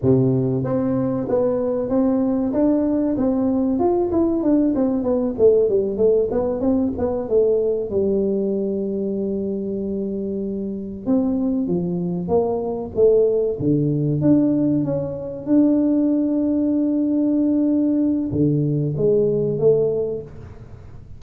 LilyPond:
\new Staff \with { instrumentName = "tuba" } { \time 4/4 \tempo 4 = 95 c4 c'4 b4 c'4 | d'4 c'4 f'8 e'8 d'8 c'8 | b8 a8 g8 a8 b8 c'8 b8 a8~ | a8 g2.~ g8~ |
g4. c'4 f4 ais8~ | ais8 a4 d4 d'4 cis'8~ | cis'8 d'2.~ d'8~ | d'4 d4 gis4 a4 | }